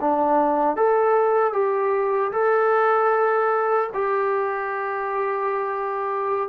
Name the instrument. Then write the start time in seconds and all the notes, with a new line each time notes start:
trombone
0.00 D4
0.76 A4
1.53 G4
2.32 A4
3.93 G4